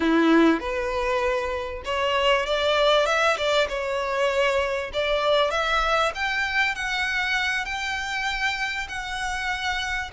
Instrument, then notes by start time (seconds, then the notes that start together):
violin
0.00 E4
0.60 B4
1.85 C#5
2.46 D5
3.06 E5
3.37 D5
3.68 C#5
4.93 D5
5.50 E5
6.14 G5
6.75 F#5
7.65 G5
8.88 F#5